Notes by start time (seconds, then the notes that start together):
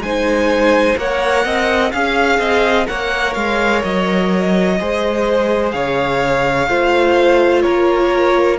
0.00 G#3 D#4 C5 G#5
0.97 A#3 A#4 C#5 F#5
1.45 C4 D#5
1.92 C#4 G#4 F5
2.39 C4 D#5
2.86 A#3 A#4 C#5 F#5
3.34 G#3 F5
3.84 F#3 D#5
4.80 G#3 G#4 C5
5.72 C#3 C#5 F5
6.68 A3 F4 C5
7.62 A#3 A#4 C#5